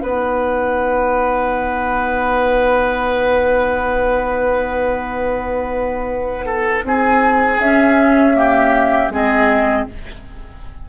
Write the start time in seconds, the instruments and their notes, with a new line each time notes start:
0.00 bassoon B3, clarinet D#4, oboe B4, flute F#5
6.45 oboe A4
6.83 bassoon C4, oboe G#4, flute G#5
7.59 bassoon C#4, clarinet C#4, flute E5
8.34 clarinet A#3, oboe G4
9.09 bassoon G#3, clarinet C4, oboe G#4, flute D#5